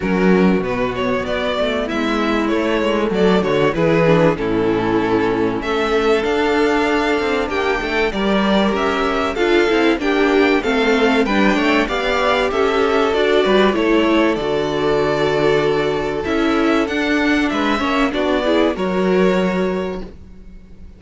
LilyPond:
<<
  \new Staff \with { instrumentName = "violin" } { \time 4/4 \tempo 4 = 96 ais'4 b'8 cis''8 d''4 e''4 | cis''4 d''8 cis''8 b'4 a'4~ | a'4 e''4 f''2 | g''4 d''4 e''4 f''4 |
g''4 f''4 g''4 f''4 | e''4 d''4 cis''4 d''4~ | d''2 e''4 fis''4 | e''4 d''4 cis''2 | }
  \new Staff \with { instrumentName = "violin" } { \time 4/4 fis'2. e'4~ | e'4 a'8 fis'8 gis'4 e'4~ | e'4 a'2. | g'8 a'8 ais'2 a'4 |
g'4 a'4 b'8 cis''8 d''4 | a'4. b'8 a'2~ | a'1 | b'8 cis''8 fis'8 gis'8 ais'2 | }
  \new Staff \with { instrumentName = "viola" } { \time 4/4 cis'4 b2. | a2 e'8 d'8 cis'4~ | cis'2 d'2~ | d'4 g'2 f'8 e'8 |
d'4 c'4 d'4 g'4~ | g'4 fis'4 e'4 fis'4~ | fis'2 e'4 d'4~ | d'8 cis'8 d'8 e'8 fis'2 | }
  \new Staff \with { instrumentName = "cello" } { \time 4/4 fis4 b,4 b8 a8 gis4 | a8 gis8 fis8 d8 e4 a,4~ | a,4 a4 d'4. c'8 | ais8 a8 g4 cis'4 d'8 c'8 |
ais4 a4 g8 a8 b4 | cis'4 d'8 g8 a4 d4~ | d2 cis'4 d'4 | gis8 ais8 b4 fis2 | }
>>